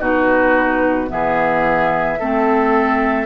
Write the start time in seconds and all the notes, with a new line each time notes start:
0.00 B2 D#4 F#4 B4
1.08 E3 B3 G#4 E5
2.20 A3 C4 A4